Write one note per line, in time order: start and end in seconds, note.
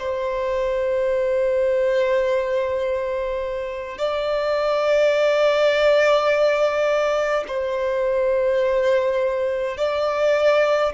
0.00 3.99 C5
3.99 7.45 D5
7.48 9.78 C5
9.78 10.93 D5